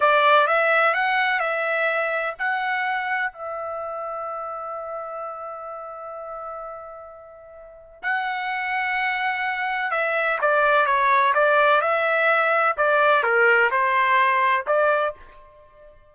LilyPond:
\new Staff \with { instrumentName = "trumpet" } { \time 4/4 \tempo 4 = 127 d''4 e''4 fis''4 e''4~ | e''4 fis''2 e''4~ | e''1~ | e''1~ |
e''4 fis''2.~ | fis''4 e''4 d''4 cis''4 | d''4 e''2 d''4 | ais'4 c''2 d''4 | }